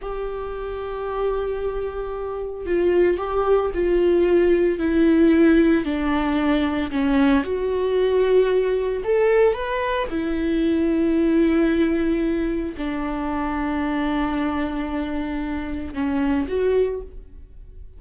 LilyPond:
\new Staff \with { instrumentName = "viola" } { \time 4/4 \tempo 4 = 113 g'1~ | g'4 f'4 g'4 f'4~ | f'4 e'2 d'4~ | d'4 cis'4 fis'2~ |
fis'4 a'4 b'4 e'4~ | e'1 | d'1~ | d'2 cis'4 fis'4 | }